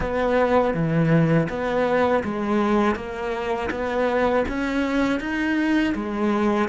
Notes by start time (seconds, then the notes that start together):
0.00 B3
0.73 E3
1.48 B3
2.24 G#3
2.95 A#3
3.70 B3
4.48 C#4
5.20 D#4
5.95 G#3